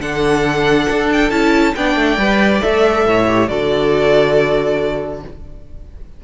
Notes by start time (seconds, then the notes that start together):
0.00 D3 D4 A4 F#5
0.90 D4
1.13 G5
1.31 C#4 E4 A5
1.76 B3 D4 D5 G5
1.96 A3
2.18 G3 B4
2.60 A3 A4 E5
3.06 A2 C#5
3.28 G4
3.48 D3 F#4 A4 D5